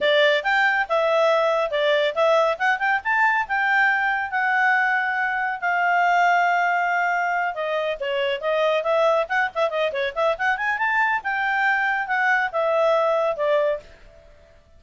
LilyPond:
\new Staff \with { instrumentName = "clarinet" } { \time 4/4 \tempo 4 = 139 d''4 g''4 e''2 | d''4 e''4 fis''8 g''8 a''4 | g''2 fis''2~ | fis''4 f''2.~ |
f''4. dis''4 cis''4 dis''8~ | dis''8 e''4 fis''8 e''8 dis''8 cis''8 e''8 | fis''8 gis''8 a''4 g''2 | fis''4 e''2 d''4 | }